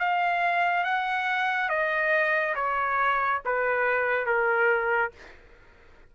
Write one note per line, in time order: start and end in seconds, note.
0.00 0.85 F5
0.85 1.69 F#5
1.69 2.55 D#5
2.56 3.41 C#5
3.46 4.26 B4
4.26 5.12 A#4